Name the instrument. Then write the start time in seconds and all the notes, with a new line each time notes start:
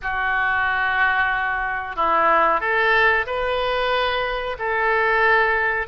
oboe
0.01 F#4
1.96 E4
2.60 A4
3.26 B4
4.59 A4